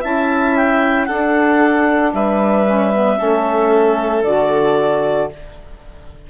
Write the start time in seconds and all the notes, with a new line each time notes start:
0.00 C#4 E4 E5 A5
0.56 G5
1.06 D4 A4 F#5
2.13 G3 B4 E5
2.66 C#4
2.94 B3
3.17 A3 C#4 A4
4.23 D3 F#4 D5